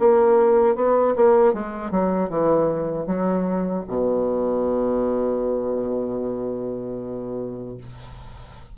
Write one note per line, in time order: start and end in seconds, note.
0.00 0.76 A#3
0.76 1.15 B3
1.17 1.54 A#3
1.54 1.92 G#3
1.92 2.30 F#3
2.30 3.07 E3
3.07 3.85 F#3
3.89 7.78 B2